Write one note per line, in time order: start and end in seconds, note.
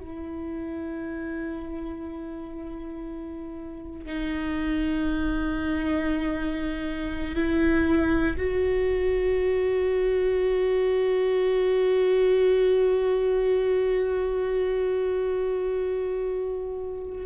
0.00 4.06 E4
4.06 7.35 D#4
7.35 8.37 E4
8.38 17.27 F#4